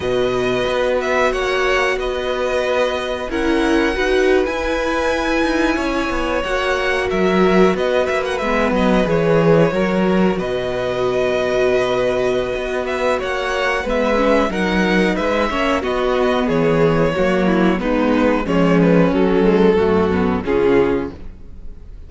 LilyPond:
<<
  \new Staff \with { instrumentName = "violin" } { \time 4/4 \tempo 4 = 91 dis''4. e''8 fis''4 dis''4~ | dis''4 fis''4.~ fis''16 gis''4~ gis''16~ | gis''4.~ gis''16 fis''4 e''4 dis''16~ | dis''16 e''16 fis''16 e''8 dis''8 cis''2 dis''16~ |
dis''2.~ dis''8 e''8 | fis''4 e''4 fis''4 e''4 | dis''4 cis''2 b'4 | cis''8 b'8 a'2 gis'4 | }
  \new Staff \with { instrumentName = "violin" } { \time 4/4 b'2 cis''4 b'4~ | b'4 ais'4 b'2~ | b'8. cis''2 ais'4 b'16~ | b'2~ b'8. ais'4 b'16~ |
b'1 | cis''4 b'4 ais'4 b'8 cis''8 | fis'4 gis'4 fis'8 e'8 dis'4 | cis'2 fis'4 f'4 | }
  \new Staff \with { instrumentName = "viola" } { \time 4/4 fis'1~ | fis'4 e'4 fis'8. e'4~ e'16~ | e'4.~ e'16 fis'2~ fis'16~ | fis'8. b4 gis'4 fis'4~ fis'16~ |
fis'1~ | fis'4 b8 cis'8 dis'4. cis'8 | b2 ais4 b4 | gis4 fis8 gis8 a8 b8 cis'4 | }
  \new Staff \with { instrumentName = "cello" } { \time 4/4 b,4 b4 ais4 b4~ | b4 cis'4 dis'8. e'4~ e'16~ | e'16 dis'8 cis'8 b8 ais4 fis4 b16~ | b16 ais8 gis8 fis8 e4 fis4 b,16~ |
b,2. b4 | ais4 gis4 fis4 gis8 ais8 | b4 e4 fis4 gis4 | f4 fis4 fis,4 cis4 | }
>>